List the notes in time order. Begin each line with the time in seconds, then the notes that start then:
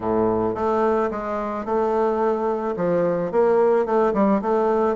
0.00 A2
0.54 A3
1.10 G#3
1.65 A3
2.76 F3
3.31 A#3
3.85 A3
4.13 G3
4.41 A3